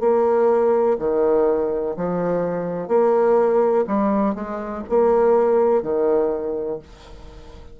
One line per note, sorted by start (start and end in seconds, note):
0.00 0.97 A#3
0.99 1.95 D#3
1.97 2.88 F3
2.88 3.85 A#3
3.87 4.35 G3
4.35 4.83 G#3
4.89 5.82 A#3
5.82 6.79 D#3